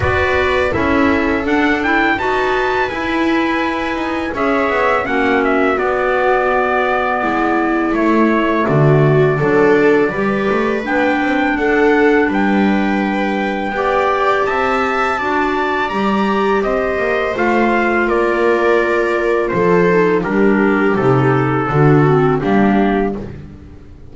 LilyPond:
<<
  \new Staff \with { instrumentName = "trumpet" } { \time 4/4 \tempo 4 = 83 d''4 e''4 fis''8 g''8 a''4 | gis''2 e''4 fis''8 e''8 | d''2. cis''4 | d''2. g''4 |
fis''4 g''2. | a''2 ais''4 dis''4 | f''4 d''2 c''4 | ais'4 a'2 g'4 | }
  \new Staff \with { instrumentName = "viola" } { \time 4/4 b'4 a'2 b'4~ | b'2 cis''4 fis'4~ | fis'2 e'2 | fis'4 a'4 b'2 |
a'4 b'2 d''4 | e''4 d''2 c''4~ | c''4 ais'2 a'4 | g'2 fis'4 d'4 | }
  \new Staff \with { instrumentName = "clarinet" } { \time 4/4 fis'4 e'4 d'8 e'8 fis'4 | e'2 gis'4 cis'4 | b2. a4~ | a4 d'4 g'4 d'4~ |
d'2. g'4~ | g'4 fis'4 g'2 | f'2.~ f'8 dis'8 | d'4 dis'4 d'8 c'8 ais4 | }
  \new Staff \with { instrumentName = "double bass" } { \time 4/4 b4 cis'4 d'4 dis'4 | e'4. dis'8 cis'8 b8 ais4 | b2 gis4 a4 | d4 fis4 g8 a8 b8 c'8 |
d'4 g2 b4 | c'4 d'4 g4 c'8 ais8 | a4 ais2 f4 | g4 c4 d4 g4 | }
>>